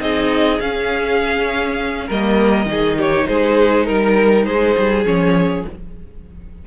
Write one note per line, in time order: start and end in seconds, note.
0.00 0.60 C4
0.00 0.59 D#4
0.00 2.08 G#4
0.00 0.60 D#5
0.60 2.09 C#4
0.60 2.10 C#4
0.60 2.09 F5
2.08 2.66 G3
2.08 2.66 A#3
2.08 2.67 A#4
2.08 3.00 D#5
2.66 3.25 D#3
2.66 5.03 D#4
2.66 2.98 G#4
2.98 3.28 G4
2.98 3.27 C#5
3.27 3.89 G#3
3.27 3.86 G#4
3.27 3.86 C5
3.86 4.47 G3
3.86 4.44 A#4
3.86 4.46 A#4
4.44 4.76 G#3
4.44 5.68 G#4
4.44 5.04 C5
4.78 5.05 G3
5.05 5.65 F3
5.05 5.65 C#4
5.05 5.66 C#5